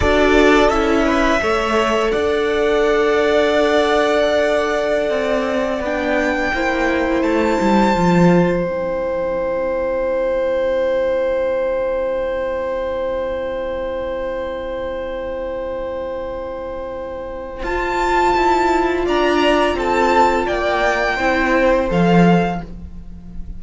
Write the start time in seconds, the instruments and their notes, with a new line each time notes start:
0.00 cello D4, viola F#4, violin A4 D5
0.69 cello C#4, viola E4, violin E5
1.05 violin B4
1.40 cello A3, viola A4, violin C#5
2.10 cello D4, violin D5 F#5
5.10 cello C4
5.80 cello B3, viola D4, violin G5
6.54 cello A#3, viola E4, violin C5
7.22 cello A3, violin A5
7.60 cello G3
7.95 cello F3, viola F4
8.63 cello C4, viola E4, violin G5
17.63 cello F4, viola F4, violin A5
18.36 cello E4
19.05 cello D4, violin D5 A#5
19.74 cello C4, violin A4 A5
20.45 cello A#3, violin D5 G5
21.15 cello C4, viola E4, violin C5
21.88 cello F3, viola A4, violin F5